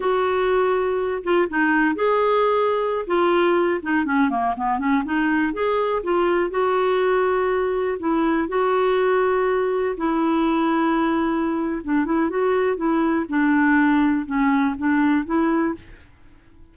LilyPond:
\new Staff \with { instrumentName = "clarinet" } { \time 4/4 \tempo 4 = 122 fis'2~ fis'8 f'8 dis'4 | gis'2~ gis'16 f'4. dis'16~ | dis'16 cis'8 ais8 b8 cis'8 dis'4 gis'8.~ | gis'16 f'4 fis'2~ fis'8.~ |
fis'16 e'4 fis'2~ fis'8.~ | fis'16 e'2.~ e'8. | d'8 e'8 fis'4 e'4 d'4~ | d'4 cis'4 d'4 e'4 | }